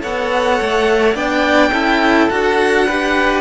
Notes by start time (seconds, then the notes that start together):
0.00 B3 A4 C#5 F#5
0.60 A3
1.14 B3 D4 D5 G5
1.71 C#4 E4 A4
2.29 D4 F#4 F#5
2.86 G4 B4